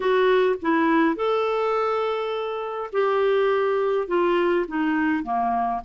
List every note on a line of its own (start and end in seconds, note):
0.00 0.55 F#4
0.62 1.15 E4
1.15 2.90 A4
2.92 4.07 G4
4.07 4.65 F4
4.67 5.23 D#4
5.23 5.81 A#3